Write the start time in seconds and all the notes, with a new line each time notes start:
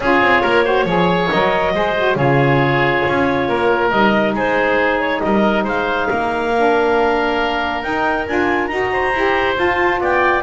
0.00 C#4 F4 G#4 C#5
0.20 C4
0.42 A#3 A#4
0.64 F#4 C5
0.85 F3 G#4 C#5
1.30 F#3 A#4 D#5
1.73 G#3 G#4 C5
1.97 F#4
2.15 C#3 F4 G#4 C#5
3.07 C#4
3.48 A#3 A#4
3.90 G3 D#4 D#5
4.33 G#3 G#4 C5
5.00 C#5
5.20 G3 A#4 D#5
5.64 G#3 C5 F5
6.08 A#3 A#4
6.56 D4
7.82 D#4 G5
8.27 D4 F4 G#5
8.67 D#4 F#4 A#5
8.92 C5
9.13 E4 G4
9.55 F4 A5
9.99 B3 D5 G5